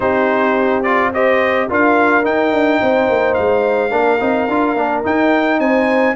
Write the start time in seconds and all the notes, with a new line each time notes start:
0.00 C4 D#4 G4 C5
0.82 F4 D5
1.13 G4 C5 D#5
1.69 D4 F4 A#4 F5
2.23 D#4 G5
2.52 D4
2.81 C4 C5
3.09 A#3
3.33 G#3 F5
3.90 A#3 D4 A#4
4.20 C4 D#4
4.48 D4 F4
4.74 A#3 D4
5.03 D#4 G5
5.59 C4 C5 G#5